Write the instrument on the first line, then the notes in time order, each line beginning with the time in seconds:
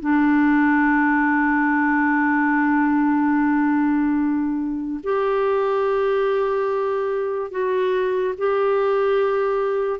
clarinet
0.00 D4
5.03 G4
7.51 F#4
8.38 G4